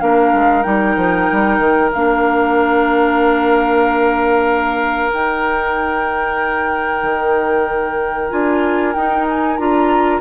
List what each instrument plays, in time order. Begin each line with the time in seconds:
0.00 bassoon A#3, clarinet D4, oboe A#4, flute F5
0.33 bassoon G#3
0.62 bassoon G3, clarinet D#4, flute G5
0.96 bassoon F3
1.32 bassoon G3
1.58 bassoon D#3
1.92 bassoon A#3, clarinet D4, flute F5
5.11 clarinet D#4, bassoon D#4, flute G5
7.02 bassoon D#3
8.30 bassoon D4, clarinet F4, flute G#5
8.93 bassoon D#4, clarinet D#4, flute G5
9.28 flute G#5
9.57 bassoon D4, clarinet F4, flute A#5